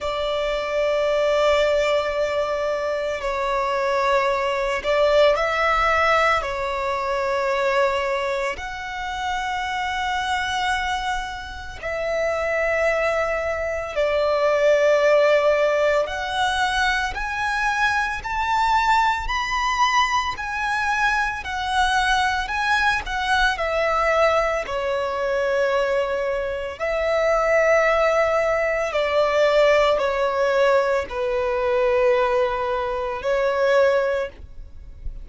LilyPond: \new Staff \with { instrumentName = "violin" } { \time 4/4 \tempo 4 = 56 d''2. cis''4~ | cis''8 d''8 e''4 cis''2 | fis''2. e''4~ | e''4 d''2 fis''4 |
gis''4 a''4 b''4 gis''4 | fis''4 gis''8 fis''8 e''4 cis''4~ | cis''4 e''2 d''4 | cis''4 b'2 cis''4 | }